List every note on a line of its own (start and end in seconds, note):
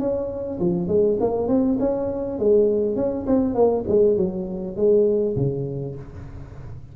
0.00 0.59 C#4
0.60 0.88 F3
0.88 1.18 G#3
1.21 1.49 A#3
1.49 1.78 C4
1.80 2.39 C#4
2.40 2.96 G#3
2.96 3.26 C#4
3.27 3.55 C4
3.55 3.85 A#3
3.88 4.17 G#3
4.17 4.77 F#3
4.77 5.36 G#3
5.37 5.96 C#3